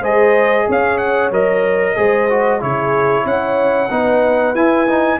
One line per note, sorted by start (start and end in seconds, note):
0.00 0.66 G#3
0.00 1.32 G#4
0.00 0.65 C5
0.00 0.69 D#5
0.67 1.31 C#4
0.67 1.96 C#5
0.67 0.97 F5
0.97 1.30 F#5
1.31 1.95 F#3
1.31 1.96 A#4
1.31 2.62 D#5
1.96 2.62 G#3
1.96 2.28 G#4
1.96 2.61 C5
2.30 2.60 F#4
2.60 3.25 C#3
2.60 3.89 E4
2.60 3.24 G#4
2.60 3.26 C#5
3.24 3.90 C#4
3.24 3.89 C#5
3.24 4.55 F#5
3.90 4.55 B3
3.90 4.55 D#4
3.90 5.19 B4
4.55 5.19 E4
4.55 4.87 E4
4.55 5.19 G#5
4.87 5.19 D#4